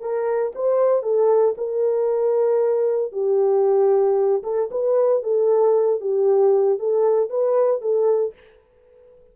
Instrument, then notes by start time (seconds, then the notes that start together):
horn
0.00 A#4
0.55 C5
1.02 A4
1.57 A#4
3.12 G4
4.43 A4
4.71 B4
5.22 A4
6.00 G4
6.78 A4
7.29 B4
7.81 A4